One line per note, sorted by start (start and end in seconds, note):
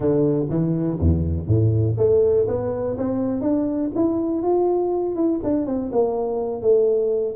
0.00 0.47 D3
0.49 0.98 E3
0.99 1.47 E2
1.47 1.96 A2
1.97 2.46 A3
2.47 2.96 B3
2.97 3.41 C4
3.41 3.90 D4
3.95 4.42 E4
4.42 5.15 F4
5.15 5.40 E4
5.43 5.66 D4
5.66 5.90 C4
5.92 6.61 A#3
6.61 7.35 A3